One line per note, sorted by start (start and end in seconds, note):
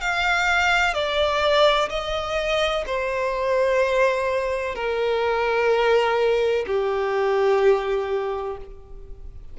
0.00 0.94 F5
0.94 1.89 D5
1.89 2.84 D#5
2.86 4.75 C5
4.75 6.65 A#4
6.66 8.57 G4